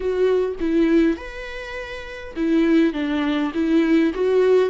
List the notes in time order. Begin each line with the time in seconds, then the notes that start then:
0.00 F#4
0.60 E4
1.16 B4
2.36 E4
2.93 D4
3.54 E4
4.13 F#4